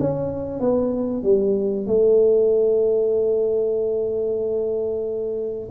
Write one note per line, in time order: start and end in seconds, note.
0.00 0.60 C#4
0.60 1.24 B3
1.24 1.87 G3
1.87 5.70 A3